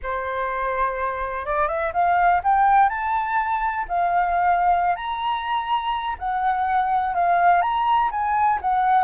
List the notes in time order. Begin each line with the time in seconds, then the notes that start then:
0.02 C5
1.45 D5
1.68 E5
1.93 F5
2.43 G5
2.89 A5
3.88 F5
4.95 A#5
6.18 F#5
7.14 F5
7.61 A#5
8.11 G#5
8.61 F#5